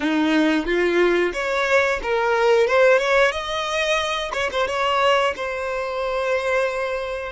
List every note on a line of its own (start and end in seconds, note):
0.00 0.65 D#4
0.65 1.32 F4
1.33 1.99 C#5
2.02 2.67 A#4
2.67 2.98 C5
2.98 3.31 C#5
3.31 4.31 D#5
4.33 4.50 C#5
4.51 4.67 C5
4.67 5.34 C#5
5.35 7.32 C5